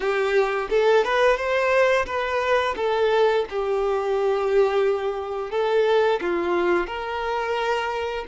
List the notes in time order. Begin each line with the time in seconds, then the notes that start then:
0.00 G4
0.70 A4
1.04 B4
1.36 C5
2.05 B4
2.76 A4
3.49 G4
5.50 A4
6.21 F4
6.86 A#4